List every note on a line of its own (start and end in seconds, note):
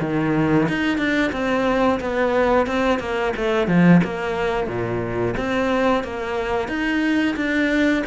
0.00 0.67 D#3
0.68 0.97 D#4
0.97 1.31 D4
1.32 1.99 C4
2.00 2.67 B3
2.67 2.99 C4
2.99 3.33 A#3
3.36 3.67 A3
3.67 4.01 F3
4.04 4.67 A#3
4.67 5.34 A#2
5.37 6.04 C4
6.04 6.68 A#3
6.68 7.35 D#4
7.36 8.03 D4